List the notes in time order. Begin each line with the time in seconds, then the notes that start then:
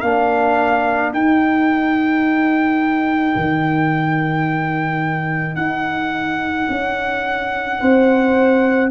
0.00 A#3 D4 A#4 F5
1.12 D#4 G5
3.35 D#3
5.55 D#4 F#5
6.69 C#4
7.79 C4 C5